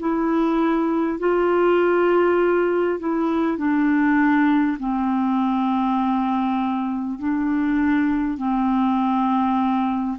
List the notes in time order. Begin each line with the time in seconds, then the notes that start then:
0.00 E4
1.19 F4
2.99 E4
3.58 D4
4.80 C4
7.19 D4
8.38 C4